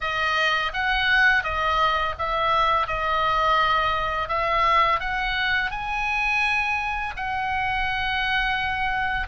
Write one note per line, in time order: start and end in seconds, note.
0.01 0.72 D#5
0.73 1.43 F#5
1.43 2.14 D#5
2.18 2.87 E5
2.87 4.28 D#5
4.28 4.99 E5
4.99 5.70 F#5
5.70 7.13 G#5
7.16 9.27 F#5